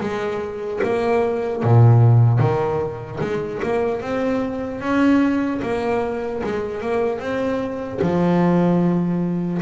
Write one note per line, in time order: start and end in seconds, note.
0.00 0.80 G#3
0.83 1.63 A#3
1.63 2.39 A#2
2.39 3.19 D#3
3.20 3.60 G#3
3.63 4.01 A#3
4.01 4.80 C4
4.80 5.60 C#4
5.62 6.42 A#3
6.43 6.81 G#3
6.81 7.19 A#3
7.19 7.99 C4
8.01 9.61 F3